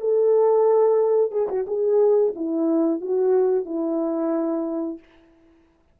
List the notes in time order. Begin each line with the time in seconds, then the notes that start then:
0.00 A4
1.31 G#4
1.48 F#4
1.67 G#4
2.35 E4
3.01 F#4
3.65 E4